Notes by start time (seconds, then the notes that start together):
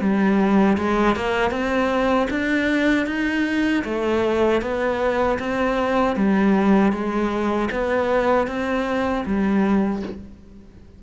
0.00 G3
0.77 G#3
1.15 A#3
1.50 C4
2.30 D4
3.06 D#4
3.84 A3
4.61 B3
5.39 C4
6.16 G3
6.92 G#3
7.71 B3
8.47 C4
9.25 G3